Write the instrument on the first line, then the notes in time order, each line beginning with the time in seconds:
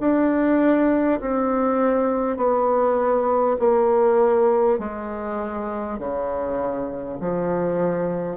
bassoon
0.00 D4
1.21 C4
2.37 B3
3.59 A#3
4.78 G#3
5.99 C#3
7.20 F3